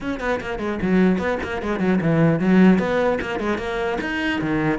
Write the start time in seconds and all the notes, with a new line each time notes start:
0.00 C#4
0.19 B3
0.40 A#3
0.58 G#3
0.82 F#3
1.18 B3
1.43 A#3
1.62 G#3
1.79 F#3
2.01 E3
2.39 F#3
2.79 B3
3.21 A#3
3.39 G#3
3.58 A#3
4.01 D#4
4.41 D#3